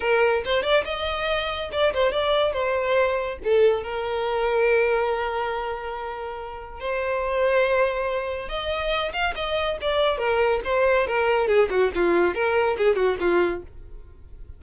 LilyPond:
\new Staff \with { instrumentName = "violin" } { \time 4/4 \tempo 4 = 141 ais'4 c''8 d''8 dis''2 | d''8 c''8 d''4 c''2 | a'4 ais'2.~ | ais'1 |
c''1 | dis''4. f''8 dis''4 d''4 | ais'4 c''4 ais'4 gis'8 fis'8 | f'4 ais'4 gis'8 fis'8 f'4 | }